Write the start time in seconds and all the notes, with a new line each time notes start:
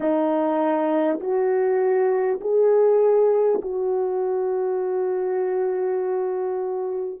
0.00 D#4
1.20 F#4
2.40 G#4
3.61 F#4